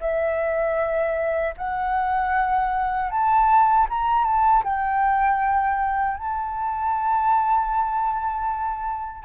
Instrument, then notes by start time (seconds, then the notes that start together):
flute
0.00 E5
1.57 F#5
3.10 A5
3.89 A#5
4.24 A5
4.64 G5
6.17 A5